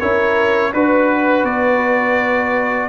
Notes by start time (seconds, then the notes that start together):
0.00 C#4 E4 A#4 C#5
0.74 D4 F#4 B4
1.44 B3 D5